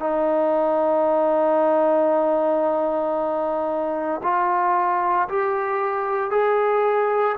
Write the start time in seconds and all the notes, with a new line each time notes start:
0.00 D#4
4.23 F4
5.29 G4
6.31 G#4